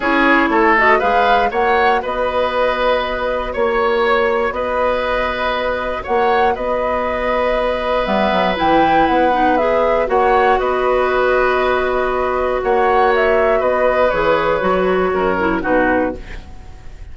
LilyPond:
<<
  \new Staff \with { instrumentName = "flute" } { \time 4/4 \tempo 4 = 119 cis''4. dis''8 f''4 fis''4 | dis''2. cis''4~ | cis''4 dis''2. | fis''4 dis''2. |
e''4 g''4 fis''4 e''4 | fis''4 dis''2.~ | dis''4 fis''4 e''4 dis''4 | cis''2. b'4 | }
  \new Staff \with { instrumentName = "oboe" } { \time 4/4 gis'4 a'4 b'4 cis''4 | b'2. cis''4~ | cis''4 b'2. | cis''4 b'2.~ |
b'1 | cis''4 b'2.~ | b'4 cis''2 b'4~ | b'2 ais'4 fis'4 | }
  \new Staff \with { instrumentName = "clarinet" } { \time 4/4 e'4. fis'8 gis'4 fis'4~ | fis'1~ | fis'1~ | fis'1 |
b4 e'4. dis'8 gis'4 | fis'1~ | fis'1 | gis'4 fis'4. e'8 dis'4 | }
  \new Staff \with { instrumentName = "bassoon" } { \time 4/4 cis'4 a4 gis4 ais4 | b2. ais4~ | ais4 b2. | ais4 b2. |
g8 fis8 e4 b2 | ais4 b2.~ | b4 ais2 b4 | e4 fis4 fis,4 b,4 | }
>>